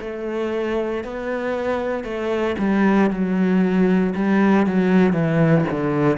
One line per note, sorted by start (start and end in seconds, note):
0.00 1.03 A3
1.03 2.04 B3
2.04 2.55 A3
2.58 3.10 G3
3.10 4.13 F#3
4.15 4.66 G3
4.66 5.13 F#3
5.13 5.64 E3
5.70 6.17 D3